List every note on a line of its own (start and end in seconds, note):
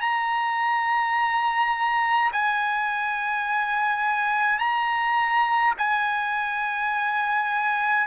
0.00 2.31 A#5
2.32 4.58 G#5
4.58 5.74 A#5
5.77 8.07 G#5